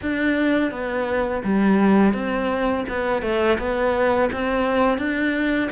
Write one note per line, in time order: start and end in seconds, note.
0.02 0.71 D4
0.71 1.43 B3
1.44 2.13 G3
2.13 2.84 C4
2.88 3.22 B3
3.22 3.57 A3
3.58 4.29 B3
4.32 4.98 C4
4.98 5.69 D4